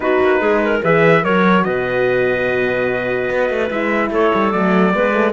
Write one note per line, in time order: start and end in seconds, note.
0.00 0.17 B3
0.00 0.82 D#4
0.00 0.40 F#4
0.00 0.80 B4
0.20 0.40 A#3
0.40 0.81 G#3
0.40 0.60 G#4
0.63 0.83 A#4
0.82 1.24 E3
0.82 1.23 G#4
0.82 1.23 B4
0.82 1.24 E5
1.23 1.65 F#3
1.23 3.71 F#4
1.23 1.64 A#4
1.23 1.63 C#5
1.63 3.30 B2
1.63 4.10 B4
1.63 3.69 D#5
3.30 3.49 B3
3.49 3.70 A3
3.70 4.10 G#3
3.70 4.51 E4
3.70 4.11 E5
4.10 4.31 A3
4.10 4.93 A4
4.10 4.51 C#5
4.34 4.53 G3
4.51 4.94 F#3
4.51 4.92 A3
4.51 5.33 D5
4.94 5.33 G#3
4.94 5.12 B3
4.94 5.33 B4
5.12 5.33 A3